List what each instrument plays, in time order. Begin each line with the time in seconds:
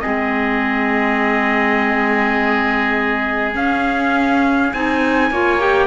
0.00 cello G#3, clarinet C4, oboe G#4, trumpet D#5
3.55 cello C#4, clarinet C#4, trumpet F5
4.73 cello C4, clarinet D#4, trumpet G#5
5.31 cello A#3, clarinet F4, oboe C#5
5.59 clarinet G4, trumpet G5